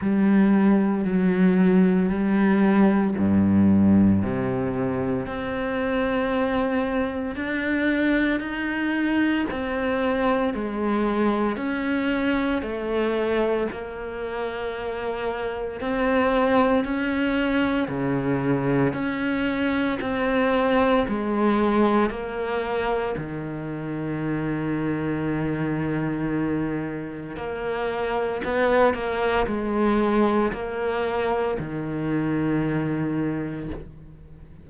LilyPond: \new Staff \with { instrumentName = "cello" } { \time 4/4 \tempo 4 = 57 g4 fis4 g4 g,4 | c4 c'2 d'4 | dis'4 c'4 gis4 cis'4 | a4 ais2 c'4 |
cis'4 cis4 cis'4 c'4 | gis4 ais4 dis2~ | dis2 ais4 b8 ais8 | gis4 ais4 dis2 | }